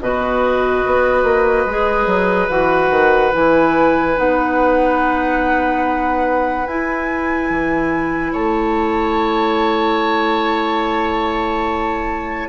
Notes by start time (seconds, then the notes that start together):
0.00 B2 F#4 B4 D#5
0.86 B3
1.23 A#3
1.65 G#3 G#4
2.06 F#3
2.49 E3 F#4 F#5
2.90 D#3
3.32 E3 E4 G#5
4.15 B3 D#4 F#5
6.66 E4 G#5
7.49 E3
8.32 A3 C#5 A5